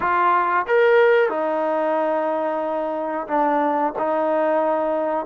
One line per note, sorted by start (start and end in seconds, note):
0.00 0.66 F4
0.67 1.29 A#4
1.29 3.27 D#4
3.27 3.93 D4
3.98 5.26 D#4